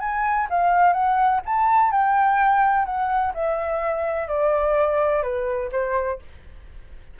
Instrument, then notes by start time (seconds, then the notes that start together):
flute
0.00 G#5
0.50 F5
0.93 F#5
1.45 A5
1.91 G5
2.85 F#5
3.34 E5
4.28 D5
5.23 B4
5.72 C5